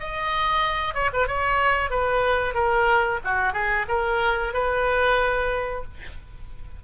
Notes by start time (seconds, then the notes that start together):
0.00 D#5
0.95 C#5
1.14 B4
1.28 C#5
1.91 B4
2.55 A#4
3.25 F#4
3.54 G#4
3.89 A#4
4.54 B4